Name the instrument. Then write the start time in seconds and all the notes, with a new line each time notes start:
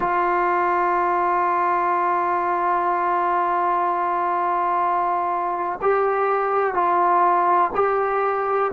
trombone
0.00 F4
5.81 G4
6.74 F4
7.75 G4